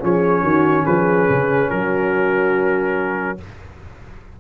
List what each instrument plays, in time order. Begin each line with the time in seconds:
0.00 tuba F3, trombone C#4, horn G#4, trumpet C#5
0.41 tuba D#3, horn F#4
0.84 tuba F3, horn G#4, trumpet B4
1.30 tuba C#3
1.70 tuba F#3, horn F#4, trumpet A#4